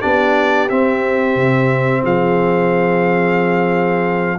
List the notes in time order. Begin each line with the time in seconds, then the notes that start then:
0.00 B3 D4 G4 D5
0.69 C4 E5
1.35 C3
2.03 F3 G#4 F5